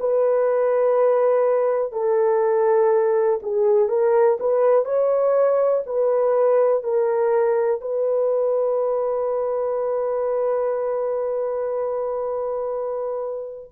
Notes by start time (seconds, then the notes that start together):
0.00 B4
1.92 A4
3.42 G#4
3.89 A#4
4.40 B4
4.85 C#5
5.86 B4
6.84 A#4
7.81 B4